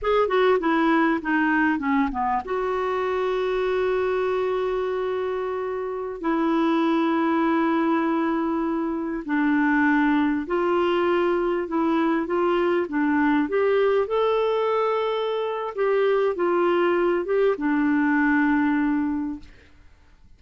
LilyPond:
\new Staff \with { instrumentName = "clarinet" } { \time 4/4 \tempo 4 = 99 gis'8 fis'8 e'4 dis'4 cis'8 b8 | fis'1~ | fis'2~ fis'16 e'4.~ e'16~ | e'2.~ e'16 d'8.~ |
d'4~ d'16 f'2 e'8.~ | e'16 f'4 d'4 g'4 a'8.~ | a'2 g'4 f'4~ | f'8 g'8 d'2. | }